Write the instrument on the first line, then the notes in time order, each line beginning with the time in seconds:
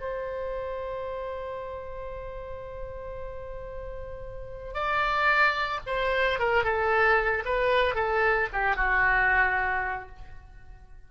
oboe
0.00 C5
4.74 D5
5.86 C5
6.39 A#4
6.64 A4
7.45 B4
7.95 A4
8.53 G4
8.76 F#4